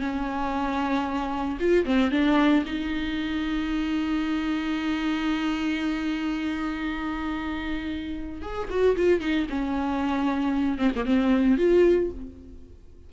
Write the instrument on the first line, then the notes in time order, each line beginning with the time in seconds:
viola
0.00 C#4
1.60 F4
1.85 C4
2.11 D4
2.66 D#4
8.42 G#4
8.70 F#4
8.96 F4
9.21 D#4
9.50 C#4
10.78 C4
10.95 A#3
11.05 C4
11.58 F4